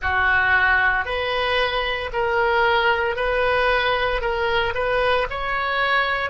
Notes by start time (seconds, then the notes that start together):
0.02 F#4
1.05 B4
2.12 A#4
3.16 B4
4.21 A#4
4.74 B4
5.30 C#5